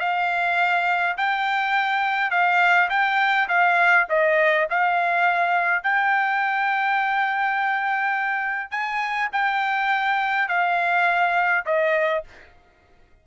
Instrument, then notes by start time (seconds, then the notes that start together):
trumpet
0.00 F5
1.18 G5
2.31 F5
2.90 G5
3.49 F5
4.10 D#5
4.70 F5
5.84 G5
8.71 G#5
9.33 G5
10.49 F5
11.66 D#5